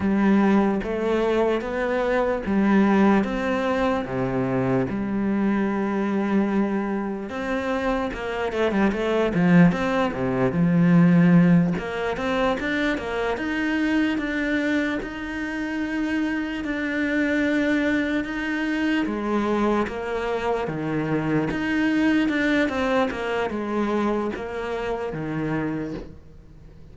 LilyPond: \new Staff \with { instrumentName = "cello" } { \time 4/4 \tempo 4 = 74 g4 a4 b4 g4 | c'4 c4 g2~ | g4 c'4 ais8 a16 g16 a8 f8 | c'8 c8 f4. ais8 c'8 d'8 |
ais8 dis'4 d'4 dis'4.~ | dis'8 d'2 dis'4 gis8~ | gis8 ais4 dis4 dis'4 d'8 | c'8 ais8 gis4 ais4 dis4 | }